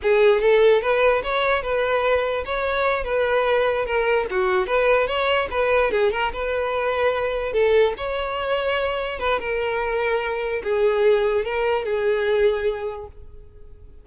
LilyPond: \new Staff \with { instrumentName = "violin" } { \time 4/4 \tempo 4 = 147 gis'4 a'4 b'4 cis''4 | b'2 cis''4. b'8~ | b'4. ais'4 fis'4 b'8~ | b'8 cis''4 b'4 gis'8 ais'8 b'8~ |
b'2~ b'8 a'4 cis''8~ | cis''2~ cis''8 b'8 ais'4~ | ais'2 gis'2 | ais'4 gis'2. | }